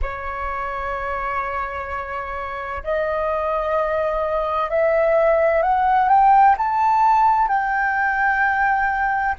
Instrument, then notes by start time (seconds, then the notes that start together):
flute
0.02 C#5
2.83 D#5
4.70 E5
5.62 F#5
6.09 G5
6.57 A5
7.47 G5